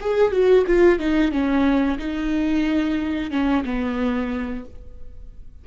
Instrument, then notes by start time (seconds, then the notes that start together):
viola
0.00 G#4
0.31 F#4
0.67 F4
0.99 D#4
1.31 C#4
1.98 D#4
3.30 C#4
3.64 B3